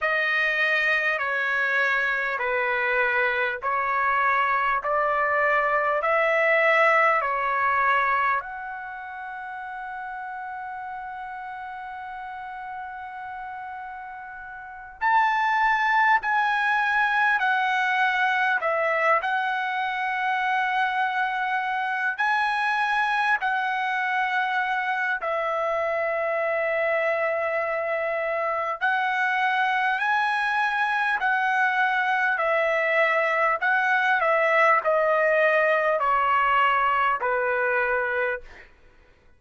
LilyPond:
\new Staff \with { instrumentName = "trumpet" } { \time 4/4 \tempo 4 = 50 dis''4 cis''4 b'4 cis''4 | d''4 e''4 cis''4 fis''4~ | fis''1~ | fis''8 a''4 gis''4 fis''4 e''8 |
fis''2~ fis''8 gis''4 fis''8~ | fis''4 e''2. | fis''4 gis''4 fis''4 e''4 | fis''8 e''8 dis''4 cis''4 b'4 | }